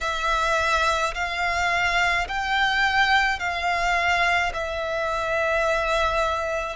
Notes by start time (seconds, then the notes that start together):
0.01 E5
1.14 F5
2.27 G5
3.39 F5
4.53 E5